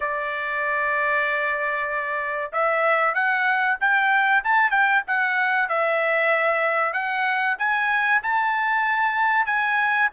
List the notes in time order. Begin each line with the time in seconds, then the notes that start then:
0.00 D5
2.52 E5
3.14 F#5
3.80 G5
4.44 A5
4.71 G5
5.07 F#5
5.68 E5
6.93 F#5
7.58 G#5
8.22 A5
9.46 G#5